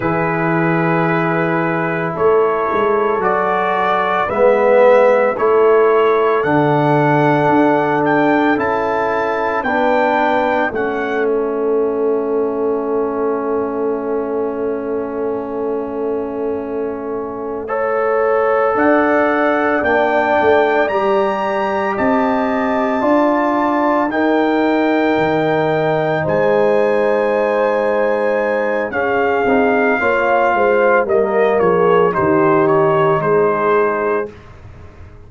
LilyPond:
<<
  \new Staff \with { instrumentName = "trumpet" } { \time 4/4 \tempo 4 = 56 b'2 cis''4 d''4 | e''4 cis''4 fis''4. g''8 | a''4 g''4 fis''8 e''4.~ | e''1~ |
e''4. fis''4 g''4 ais''8~ | ais''8 a''2 g''4.~ | g''8 gis''2~ gis''8 f''4~ | f''4 dis''8 cis''8 c''8 cis''8 c''4 | }
  \new Staff \with { instrumentName = "horn" } { \time 4/4 gis'2 a'2 | b'4 a'2.~ | a'4 b'4 a'2~ | a'1~ |
a'8 cis''4 d''2~ d''8~ | d''8 dis''4 d''4 ais'4.~ | ais'8 c''2~ c''8 gis'4 | cis''8 c''8 ais'8 gis'8 g'4 gis'4 | }
  \new Staff \with { instrumentName = "trombone" } { \time 4/4 e'2. fis'4 | b4 e'4 d'2 | e'4 d'4 cis'2~ | cis'1~ |
cis'8 a'2 d'4 g'8~ | g'4. f'4 dis'4.~ | dis'2. cis'8 dis'8 | f'4 ais4 dis'2 | }
  \new Staff \with { instrumentName = "tuba" } { \time 4/4 e2 a8 gis8 fis4 | gis4 a4 d4 d'4 | cis'4 b4 a2~ | a1~ |
a4. d'4 ais8 a8 g8~ | g8 c'4 d'4 dis'4 dis8~ | dis8 gis2~ gis8 cis'8 c'8 | ais8 gis8 g8 f8 dis4 gis4 | }
>>